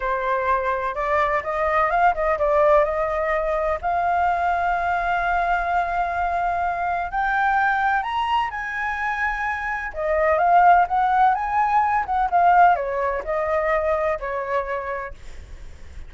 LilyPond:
\new Staff \with { instrumentName = "flute" } { \time 4/4 \tempo 4 = 127 c''2 d''4 dis''4 | f''8 dis''8 d''4 dis''2 | f''1~ | f''2. g''4~ |
g''4 ais''4 gis''2~ | gis''4 dis''4 f''4 fis''4 | gis''4. fis''8 f''4 cis''4 | dis''2 cis''2 | }